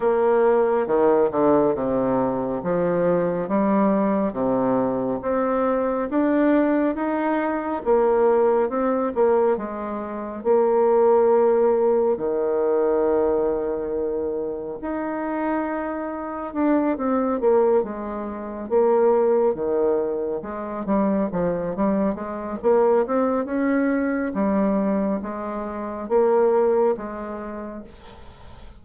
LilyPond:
\new Staff \with { instrumentName = "bassoon" } { \time 4/4 \tempo 4 = 69 ais4 dis8 d8 c4 f4 | g4 c4 c'4 d'4 | dis'4 ais4 c'8 ais8 gis4 | ais2 dis2~ |
dis4 dis'2 d'8 c'8 | ais8 gis4 ais4 dis4 gis8 | g8 f8 g8 gis8 ais8 c'8 cis'4 | g4 gis4 ais4 gis4 | }